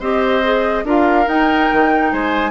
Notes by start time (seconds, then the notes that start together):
0.00 C4 G4 C5 D#5
0.43 G#4
0.85 D4 F4 A#4 F5
1.26 D#4 G5
1.73 D#3
2.12 G#3 C5 G#5